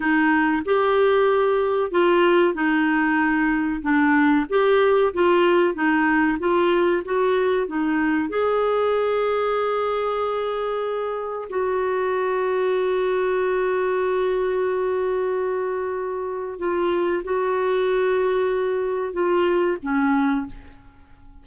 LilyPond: \new Staff \with { instrumentName = "clarinet" } { \time 4/4 \tempo 4 = 94 dis'4 g'2 f'4 | dis'2 d'4 g'4 | f'4 dis'4 f'4 fis'4 | dis'4 gis'2.~ |
gis'2 fis'2~ | fis'1~ | fis'2 f'4 fis'4~ | fis'2 f'4 cis'4 | }